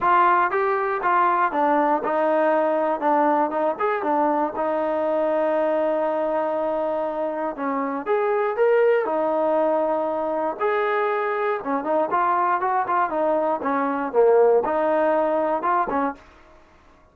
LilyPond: \new Staff \with { instrumentName = "trombone" } { \time 4/4 \tempo 4 = 119 f'4 g'4 f'4 d'4 | dis'2 d'4 dis'8 gis'8 | d'4 dis'2.~ | dis'2. cis'4 |
gis'4 ais'4 dis'2~ | dis'4 gis'2 cis'8 dis'8 | f'4 fis'8 f'8 dis'4 cis'4 | ais4 dis'2 f'8 cis'8 | }